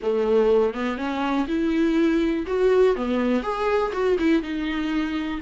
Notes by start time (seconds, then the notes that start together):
0.02 A3
0.74 B3
0.97 C#4
1.47 E4
2.46 F#4
2.96 B3
3.42 G#4
3.92 F#4
4.18 E4
4.42 D#4